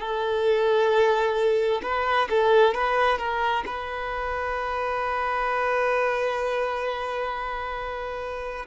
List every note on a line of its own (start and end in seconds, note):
0.00 1.82 A4
1.83 2.29 B4
2.30 2.75 A4
2.75 3.19 B4
3.19 3.64 A#4
3.67 8.67 B4